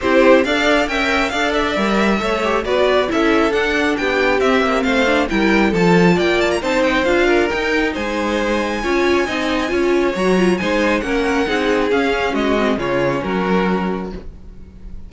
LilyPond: <<
  \new Staff \with { instrumentName = "violin" } { \time 4/4 \tempo 4 = 136 c''4 f''4 g''4 f''8 e''8~ | e''2 d''4 e''4 | fis''4 g''4 e''4 f''4 | g''4 a''4 g''8 a''16 ais''16 a''8 g''8 |
f''4 g''4 gis''2~ | gis''2. ais''4 | gis''4 fis''2 f''4 | dis''4 cis''4 ais'2 | }
  \new Staff \with { instrumentName = "violin" } { \time 4/4 g'4 d''4 e''4 d''4~ | d''4 cis''4 b'4 a'4~ | a'4 g'2 c''4 | ais'4 a'4 d''4 c''4~ |
c''8 ais'4. c''2 | cis''4 dis''4 cis''2 | c''4 ais'4 gis'2 | fis'4 f'4 fis'2 | }
  \new Staff \with { instrumentName = "viola" } { \time 4/4 e'4 a'4 ais'4 a'4 | ais'4 a'8 g'8 fis'4 e'4 | d'2 c'4. d'8 | e'4 f'2 dis'4 |
f'4 dis'2. | f'4 dis'4 f'4 fis'8 f'8 | dis'4 cis'4 dis'4 cis'4~ | cis'8 c'8 cis'2. | }
  \new Staff \with { instrumentName = "cello" } { \time 4/4 c'4 d'4 cis'4 d'4 | g4 a4 b4 cis'4 | d'4 b4 c'8 ais8 a4 | g4 f4 ais4 c'4 |
d'4 dis'4 gis2 | cis'4 c'4 cis'4 fis4 | gis4 ais4 c'4 cis'4 | gis4 cis4 fis2 | }
>>